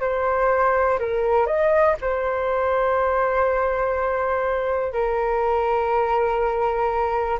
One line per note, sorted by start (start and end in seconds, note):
0.00 0.98 C5
0.99 1.46 A#4
1.46 1.95 D#5
2.01 4.93 C5
4.93 7.39 A#4